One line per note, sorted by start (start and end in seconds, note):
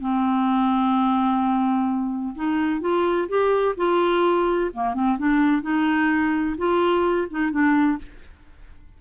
0.00 2.34 C4
2.35 2.81 D#4
2.81 3.28 F4
3.28 3.75 G4
3.77 4.71 F4
4.73 4.94 A#3
4.94 5.18 C4
5.18 5.62 D4
5.62 6.56 D#4
6.58 7.28 F4
7.30 7.51 D#4
7.51 7.98 D4